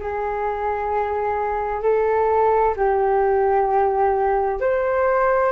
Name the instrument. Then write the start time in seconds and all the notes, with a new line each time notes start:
flute
0.00 G#4
1.83 A4
2.77 G4
4.61 C5